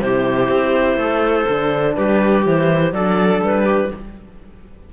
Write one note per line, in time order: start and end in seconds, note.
0.00 0.48 C3
0.00 1.49 E4
0.00 0.98 G4
0.00 1.95 C5
0.48 0.96 C4
0.96 1.45 A3
0.96 1.96 A4
1.48 1.97 D3
1.48 2.46 D4
1.96 2.46 G3
1.96 2.94 G4
1.96 2.44 B4
2.46 2.92 E3
2.46 2.95 E4
2.46 2.93 C5
2.92 3.41 F#3
2.92 3.93 D4
2.92 3.65 A4
2.92 3.41 D5
3.42 3.91 G3
3.42 3.93 B4
3.65 3.90 G4